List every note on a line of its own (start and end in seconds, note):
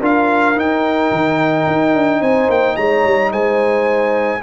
0.00 0.56 D4
0.00 0.55 F4
0.00 2.20 A#4
0.00 0.59 F5
0.55 4.40 D#4
0.55 1.11 D#4
0.55 2.22 G5
1.11 1.66 D#3
1.67 1.94 D#4
1.94 2.21 D4
2.21 2.49 C4
2.21 2.76 C5
2.21 2.50 G#5
2.49 2.76 A#3
2.49 2.76 G5
2.76 3.04 G#3
2.76 3.31 C#5
2.76 3.31 A#5
3.04 3.32 G3
3.32 4.42 G#3
3.32 4.42 C5
3.32 4.42 G#5